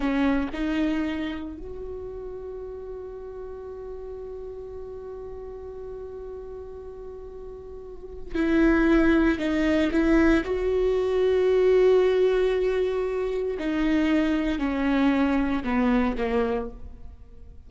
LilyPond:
\new Staff \with { instrumentName = "viola" } { \time 4/4 \tempo 4 = 115 cis'4 dis'2 fis'4~ | fis'1~ | fis'1~ | fis'1 |
e'2 dis'4 e'4 | fis'1~ | fis'2 dis'2 | cis'2 b4 ais4 | }